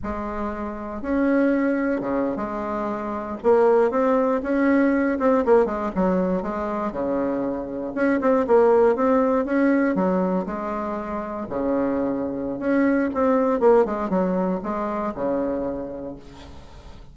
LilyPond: \new Staff \with { instrumentName = "bassoon" } { \time 4/4 \tempo 4 = 119 gis2 cis'2 | cis8. gis2 ais4 c'16~ | c'8. cis'4. c'8 ais8 gis8 fis16~ | fis8. gis4 cis2 cis'16~ |
cis'16 c'8 ais4 c'4 cis'4 fis16~ | fis8. gis2 cis4~ cis16~ | cis4 cis'4 c'4 ais8 gis8 | fis4 gis4 cis2 | }